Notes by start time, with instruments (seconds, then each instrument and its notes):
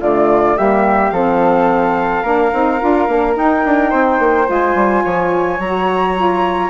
0.00 bassoon D3, saxophone A3, flute F4 D5
0.57 bassoon G3, saxophone A#3, flute G4 E5
1.10 bassoon F3, saxophone C4, flute A4 F5
2.23 bassoon A#3, saxophone D4, flute A#4
2.53 bassoon C4, saxophone D#4
2.80 bassoon D4, saxophone F4
3.08 bassoon A#3, saxophone D4
3.36 bassoon D#4, saxophone D#4, flute G5
3.65 bassoon D4
3.90 bassoon C4, flute C5
4.19 bassoon A#3
4.46 bassoon G#3, saxophone F4
4.52 flute G#5
4.75 bassoon G3
5.04 bassoon F3, flute C#5
5.59 bassoon F#3, saxophone F#4, flute A#5
6.16 saxophone F4